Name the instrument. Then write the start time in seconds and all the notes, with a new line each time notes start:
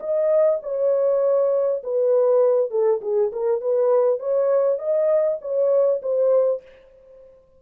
horn
0.00 D#5
0.63 C#5
1.84 B4
2.71 A4
3.02 G#4
3.32 A#4
3.61 B4
4.20 C#5
4.79 D#5
5.42 C#5
6.03 C5